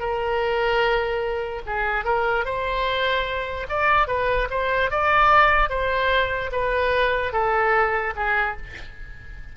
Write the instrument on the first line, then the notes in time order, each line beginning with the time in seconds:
oboe
0.00 A#4
1.67 G#4
2.05 A#4
2.45 C5
3.69 D5
4.08 B4
4.51 C5
4.91 D5
5.70 C5
6.52 B4
7.33 A4
8.16 G#4